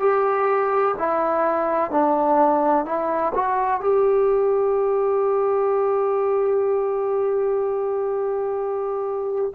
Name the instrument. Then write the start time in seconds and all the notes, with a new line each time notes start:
trombone
0.00 G4
0.99 E4
1.91 D4
2.85 E4
3.35 F#4
3.81 G4